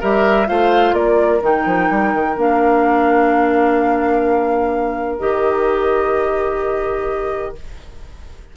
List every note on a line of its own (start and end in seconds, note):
0.00 0.49 G3
0.00 0.47 G4
0.00 0.47 A#4
0.00 0.48 E5
0.47 0.93 A3
0.47 1.41 F4
0.47 0.95 C5
0.47 0.94 F5
0.93 1.40 A#3
0.93 7.56 A#4
0.93 1.41 D5
1.41 1.66 D#3
1.41 2.35 D#4
1.41 2.38 G5
1.66 1.89 F3
1.90 2.14 G3
2.14 2.37 D#3
2.37 5.20 A#3
2.37 5.19 D4
2.37 5.19 F5
5.19 7.56 D#3
5.19 7.55 G4
5.19 7.55 D#5